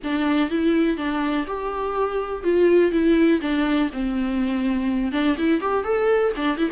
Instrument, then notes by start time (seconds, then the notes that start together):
viola
0.03 D4
0.50 E4
0.97 D4
1.47 G4
2.43 F4
2.91 E4
3.41 D4
3.92 C4
5.12 D4
5.37 E4
5.61 G4
5.84 A4
6.35 D4
6.57 E4